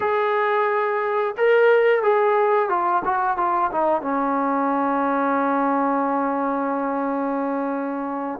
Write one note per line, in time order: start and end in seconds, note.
0.00 1.35 G#4
1.37 2.03 A#4
2.03 2.69 G#4
2.69 3.02 F4
3.04 3.37 F#4
3.37 3.70 F4
3.71 4.01 D#4
4.01 8.39 C#4